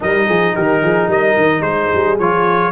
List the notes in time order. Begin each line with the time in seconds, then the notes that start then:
0.00 G3 D#4 A#4 D#5
0.26 F3 G#4
0.54 D#3 G4 A#4
0.82 F3 G#4
1.07 G3 A#4 D#5
1.37 D#3
1.60 G#3 G#4 C5
1.94 G3
2.19 F3 F4 C#5